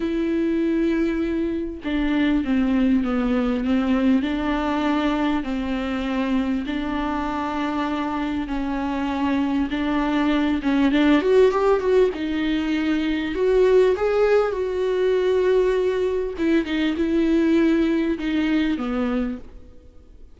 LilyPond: \new Staff \with { instrumentName = "viola" } { \time 4/4 \tempo 4 = 99 e'2. d'4 | c'4 b4 c'4 d'4~ | d'4 c'2 d'4~ | d'2 cis'2 |
d'4. cis'8 d'8 fis'8 g'8 fis'8 | dis'2 fis'4 gis'4 | fis'2. e'8 dis'8 | e'2 dis'4 b4 | }